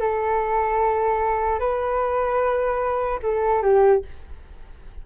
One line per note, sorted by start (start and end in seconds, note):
0.00 1.59 A4
1.59 3.19 B4
3.23 3.62 A4
3.62 4.02 G4